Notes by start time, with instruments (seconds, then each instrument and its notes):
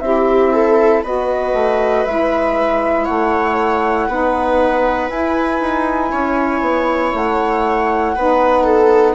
0.00 bassoon C4, saxophone E4, viola G4, flute E5
0.53 viola A4
1.03 bassoon B3, saxophone F#4, viola B4, flute D#5
1.53 bassoon A3
2.06 bassoon G#3, saxophone E4, flute E5
3.05 bassoon A3, viola C#5, flute F#5
4.08 bassoon B3, saxophone D#4, viola B4
5.09 bassoon E4, saxophone E4, flute G#5
5.60 bassoon D#4
6.11 bassoon C#4, viola C#5
6.61 bassoon B3
7.14 bassoon A3, flute F#5
8.15 bassoon B3, saxophone D#4, viola B4
8.64 viola A4